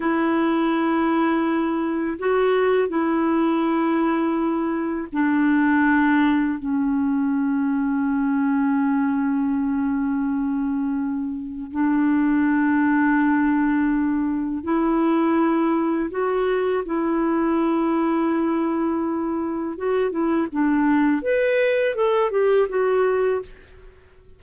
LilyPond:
\new Staff \with { instrumentName = "clarinet" } { \time 4/4 \tempo 4 = 82 e'2. fis'4 | e'2. d'4~ | d'4 cis'2.~ | cis'1 |
d'1 | e'2 fis'4 e'4~ | e'2. fis'8 e'8 | d'4 b'4 a'8 g'8 fis'4 | }